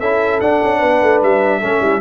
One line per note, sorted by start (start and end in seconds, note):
0.00 0.41 C#4
0.00 0.42 E4
0.00 0.79 A4
0.00 0.40 E5
0.41 0.62 D4
0.41 1.62 D4
0.41 1.21 F#5
0.63 0.83 C#4
0.79 1.02 B3
0.79 1.59 B4
1.02 1.22 A3
1.22 1.62 G3
1.22 2.01 E5
1.60 1.81 A3
1.60 2.01 C#4
1.60 1.80 A4
1.81 2.01 G3
1.81 2.01 E4